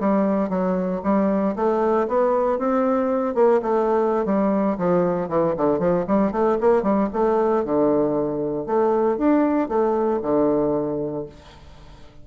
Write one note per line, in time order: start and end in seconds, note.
0.00 0.50 G3
0.50 1.02 F#3
1.04 1.56 G3
1.56 2.08 A3
2.08 2.59 B3
2.59 3.35 C4
3.35 3.61 A#3
3.63 4.26 A3
4.26 4.78 G3
4.78 5.29 F3
5.29 5.55 E3
5.57 5.80 D3
5.80 6.05 F3
6.08 6.32 G3
6.32 6.58 A3
6.61 6.83 A#3
6.83 7.09 G3
7.13 7.65 A3
7.65 8.67 D3
8.67 9.18 A3
9.18 9.69 D4
9.69 10.21 A3
10.23 11.26 D3